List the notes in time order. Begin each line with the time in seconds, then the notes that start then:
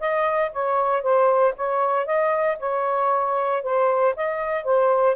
0.00 D#5
0.53 C#5
1.03 C5
1.56 C#5
2.06 D#5
2.59 C#5
3.63 C5
4.16 D#5
4.64 C5